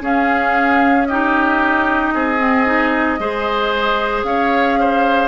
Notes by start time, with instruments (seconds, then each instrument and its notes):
0.00 bassoon C#4, clarinet C#4, oboe G#4, flute F5
1.05 clarinet D#4, oboe G4, flute D#5
2.13 bassoon C4, oboe G#4
2.38 clarinet C4
2.65 clarinet D#4
3.19 bassoon G#3, clarinet G#4, oboe C5
4.23 bassoon C#4, oboe C#5, flute F5
4.79 oboe C5